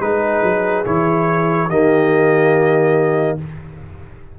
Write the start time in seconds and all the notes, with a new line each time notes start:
0.00 G#3 D#4 G#4 B4
0.43 F#3
0.85 E3 E4 C#5
1.69 D#3 A#3 G4 D#5